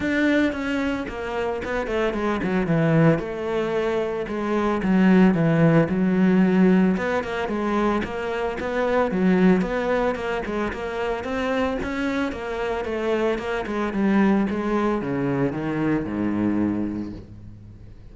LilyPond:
\new Staff \with { instrumentName = "cello" } { \time 4/4 \tempo 4 = 112 d'4 cis'4 ais4 b8 a8 | gis8 fis8 e4 a2 | gis4 fis4 e4 fis4~ | fis4 b8 ais8 gis4 ais4 |
b4 fis4 b4 ais8 gis8 | ais4 c'4 cis'4 ais4 | a4 ais8 gis8 g4 gis4 | cis4 dis4 gis,2 | }